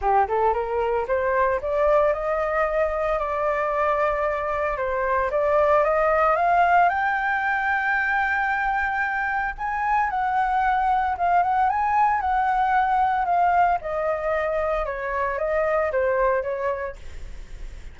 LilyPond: \new Staff \with { instrumentName = "flute" } { \time 4/4 \tempo 4 = 113 g'8 a'8 ais'4 c''4 d''4 | dis''2 d''2~ | d''4 c''4 d''4 dis''4 | f''4 g''2.~ |
g''2 gis''4 fis''4~ | fis''4 f''8 fis''8 gis''4 fis''4~ | fis''4 f''4 dis''2 | cis''4 dis''4 c''4 cis''4 | }